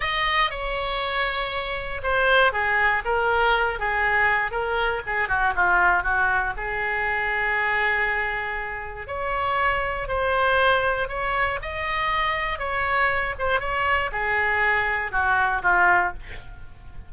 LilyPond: \new Staff \with { instrumentName = "oboe" } { \time 4/4 \tempo 4 = 119 dis''4 cis''2. | c''4 gis'4 ais'4. gis'8~ | gis'4 ais'4 gis'8 fis'8 f'4 | fis'4 gis'2.~ |
gis'2 cis''2 | c''2 cis''4 dis''4~ | dis''4 cis''4. c''8 cis''4 | gis'2 fis'4 f'4 | }